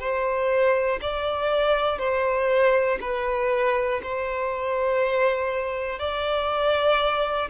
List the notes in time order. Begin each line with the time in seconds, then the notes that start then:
0.00 C5
1.01 D5
1.99 C5
3.01 B4
4.03 C5
5.99 D5